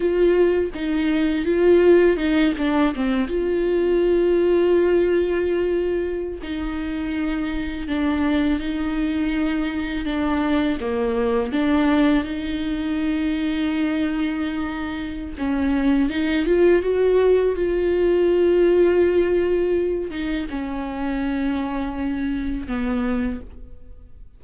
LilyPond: \new Staff \with { instrumentName = "viola" } { \time 4/4 \tempo 4 = 82 f'4 dis'4 f'4 dis'8 d'8 | c'8 f'2.~ f'8~ | f'8. dis'2 d'4 dis'16~ | dis'4.~ dis'16 d'4 ais4 d'16~ |
d'8. dis'2.~ dis'16~ | dis'4 cis'4 dis'8 f'8 fis'4 | f'2.~ f'8 dis'8 | cis'2. b4 | }